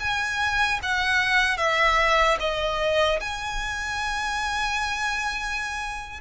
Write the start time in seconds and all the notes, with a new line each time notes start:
0.00 G#5
0.83 F#5
1.58 E5
2.40 D#5
3.21 G#5